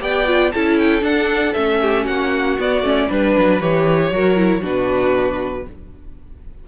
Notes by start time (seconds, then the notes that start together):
0.00 B3 G4 D5 G5
0.25 F4
0.51 C#4 E4 A4 A5
0.78 G5
1.01 D4 F#5
1.53 A3 C#4 E5
1.81 G4
2.04 A#3 F#4 F#5
2.59 B3 D5
2.82 A3 C#4
3.07 G3 D4 B4
3.38 F#3
3.60 E3 G4 C#5
4.11 F#3 F#4 A#4
4.36 E4
4.61 B2 D4 F#4 B4